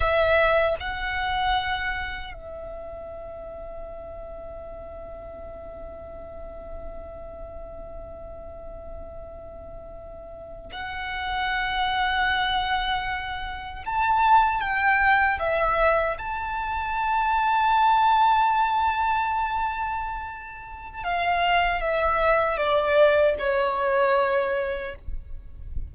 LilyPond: \new Staff \with { instrumentName = "violin" } { \time 4/4 \tempo 4 = 77 e''4 fis''2 e''4~ | e''1~ | e''1~ | e''4.~ e''16 fis''2~ fis''16~ |
fis''4.~ fis''16 a''4 g''4 e''16~ | e''8. a''2.~ a''16~ | a''2. f''4 | e''4 d''4 cis''2 | }